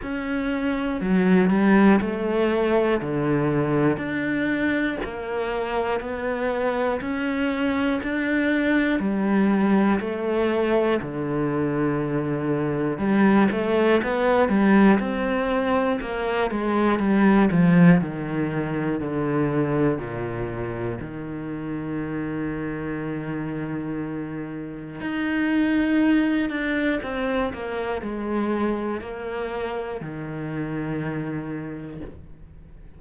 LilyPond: \new Staff \with { instrumentName = "cello" } { \time 4/4 \tempo 4 = 60 cis'4 fis8 g8 a4 d4 | d'4 ais4 b4 cis'4 | d'4 g4 a4 d4~ | d4 g8 a8 b8 g8 c'4 |
ais8 gis8 g8 f8 dis4 d4 | ais,4 dis2.~ | dis4 dis'4. d'8 c'8 ais8 | gis4 ais4 dis2 | }